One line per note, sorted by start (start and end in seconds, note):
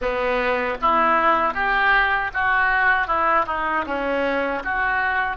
0.01 0.78 B3
0.81 1.54 E4
1.54 2.31 G4
2.33 3.07 F#4
3.07 3.45 E4
3.46 3.85 D#4
3.86 4.63 C#4
4.64 5.36 F#4